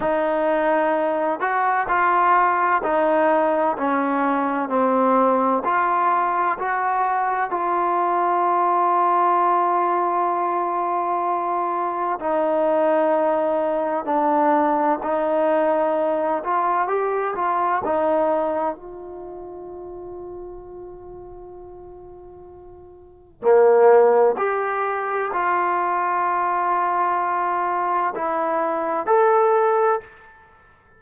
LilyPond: \new Staff \with { instrumentName = "trombone" } { \time 4/4 \tempo 4 = 64 dis'4. fis'8 f'4 dis'4 | cis'4 c'4 f'4 fis'4 | f'1~ | f'4 dis'2 d'4 |
dis'4. f'8 g'8 f'8 dis'4 | f'1~ | f'4 ais4 g'4 f'4~ | f'2 e'4 a'4 | }